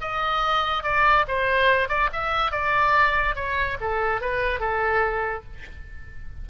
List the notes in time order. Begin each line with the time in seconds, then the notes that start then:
0.00 D#5
0.83 D5
1.27 C5
1.88 D5
2.12 E5
2.51 D5
3.35 C#5
3.80 A4
4.21 B4
4.59 A4